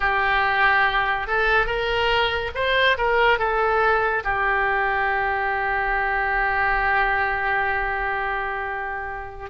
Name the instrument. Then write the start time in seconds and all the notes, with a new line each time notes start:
oboe
0.00 G4
1.27 A4
1.66 A#4
2.55 C5
2.97 A#4
3.38 A4
4.23 G4